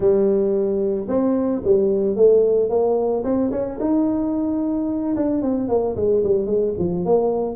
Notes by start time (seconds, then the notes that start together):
0.00 G3
1.08 C4
1.64 G3
2.15 A3
2.69 A#3
3.24 C4
3.51 C#4
3.80 D#4
5.15 D4
5.42 C4
5.68 A#3
5.96 G#3
6.23 G3
6.46 G#3
6.78 F3
7.05 A#3